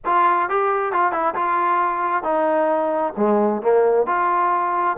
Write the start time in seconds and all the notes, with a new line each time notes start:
0.05 F4
0.49 G4
0.92 F4
1.12 E4
1.34 F4
2.23 D#4
3.17 G#3
3.62 A#3
4.06 F4